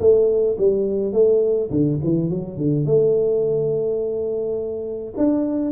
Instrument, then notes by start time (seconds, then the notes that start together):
tuba
0.00 A3
0.58 G3
1.13 A3
1.70 D3
2.04 E3
2.30 F#3
2.57 D3
2.85 A3
5.17 D4